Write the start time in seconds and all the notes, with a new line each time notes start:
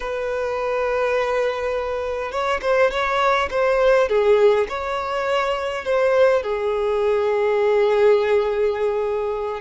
0.00 B4
2.31 C#5
2.61 C5
2.90 C#5
3.50 C5
4.08 G#4
4.69 C#5
5.85 C5
6.42 G#4